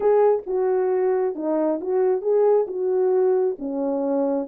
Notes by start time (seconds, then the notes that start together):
0.00 G#4
0.46 F#4
1.35 D#4
1.80 F#4
2.21 G#4
2.67 F#4
3.58 C#4